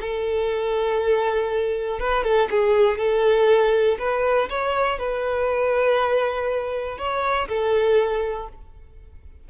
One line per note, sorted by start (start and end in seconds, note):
0.00 1.99 A4
1.99 2.23 B4
2.23 2.48 A4
2.50 2.98 G#4
2.98 3.98 A4
3.98 4.48 B4
4.50 4.98 C#5
4.98 6.98 B4
6.98 7.48 C#5
7.48 8.48 A4